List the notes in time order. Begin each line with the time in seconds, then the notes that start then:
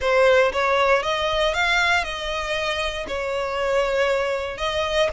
0.00 C5
0.52 C#5
1.02 D#5
1.54 F5
2.04 D#5
3.07 C#5
4.57 D#5